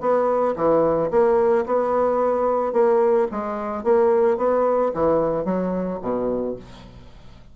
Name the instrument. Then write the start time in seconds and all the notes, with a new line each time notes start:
bassoon
0.00 B3
0.56 E3
1.10 A#3
1.66 B3
2.72 A#3
3.31 G#3
3.83 A#3
4.37 B3
4.94 E3
5.44 F#3
6.01 B2